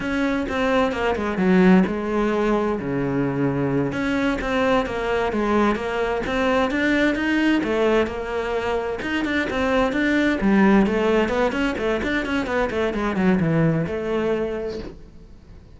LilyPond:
\new Staff \with { instrumentName = "cello" } { \time 4/4 \tempo 4 = 130 cis'4 c'4 ais8 gis8 fis4 | gis2 cis2~ | cis8 cis'4 c'4 ais4 gis8~ | gis8 ais4 c'4 d'4 dis'8~ |
dis'8 a4 ais2 dis'8 | d'8 c'4 d'4 g4 a8~ | a8 b8 cis'8 a8 d'8 cis'8 b8 a8 | gis8 fis8 e4 a2 | }